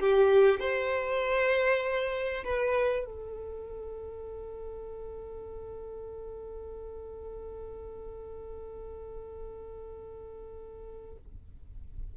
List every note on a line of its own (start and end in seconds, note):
0.00 0.60 G4
0.60 2.44 C5
2.44 3.05 B4
3.05 11.17 A4